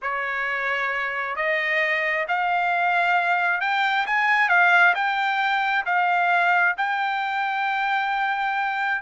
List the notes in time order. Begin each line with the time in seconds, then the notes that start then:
0.02 C#5
1.36 D#5
2.28 F5
3.60 G5
4.06 G#5
4.49 F5
4.94 G5
5.85 F5
6.77 G5